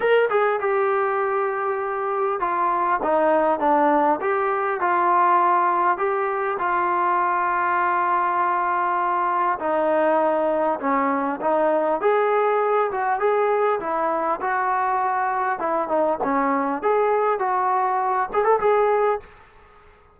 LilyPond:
\new Staff \with { instrumentName = "trombone" } { \time 4/4 \tempo 4 = 100 ais'8 gis'8 g'2. | f'4 dis'4 d'4 g'4 | f'2 g'4 f'4~ | f'1 |
dis'2 cis'4 dis'4 | gis'4. fis'8 gis'4 e'4 | fis'2 e'8 dis'8 cis'4 | gis'4 fis'4. gis'16 a'16 gis'4 | }